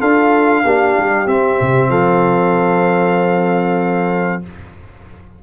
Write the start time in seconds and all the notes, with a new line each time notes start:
0.00 D4 F4 A4 F5
0.64 A#3 D4 G4
0.98 G3
1.26 C4 E5
1.61 C3
1.89 F3 A4 F5